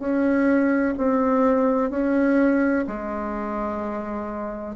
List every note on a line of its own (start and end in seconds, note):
0.00 0.95 C#4
0.98 1.91 C4
1.91 2.86 C#4
2.87 4.76 G#3